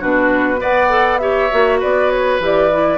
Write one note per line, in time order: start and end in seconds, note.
0.00 0.62 B2
0.00 0.57 D4
0.00 0.60 F#4
0.00 0.62 B4
0.57 1.52 B3
0.57 0.87 B4
0.57 1.20 D5
0.57 1.18 F#5
0.89 1.19 A4
1.18 1.50 G4
1.18 1.79 C#5
1.18 1.78 E5
1.51 1.83 A#3
1.51 2.41 F#4
1.79 2.40 B3
1.79 2.98 B4
1.79 2.10 D5
2.10 2.40 C#5
2.40 2.98 E3
2.40 2.71 G4
2.40 2.98 D5
2.71 2.98 E4